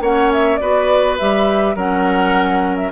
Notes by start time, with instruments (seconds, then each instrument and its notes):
0.00 bassoon A#3, clarinet C#4, oboe C#5, flute F#5
0.32 flute E5
0.56 bassoon B3, clarinet F#4, oboe B4, flute D5
1.18 bassoon G3, clarinet G4, flute E5
1.75 bassoon F#3, clarinet C#4, oboe A#4, flute F#5
2.76 flute E5